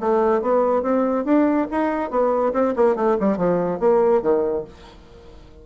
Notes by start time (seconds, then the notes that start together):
0.00 A3
0.42 B3
0.83 C4
1.25 D4
1.71 D#4
2.10 B3
2.53 C4
2.76 A#3
2.96 A3
3.20 G3
3.37 F3
3.79 A#3
4.22 D#3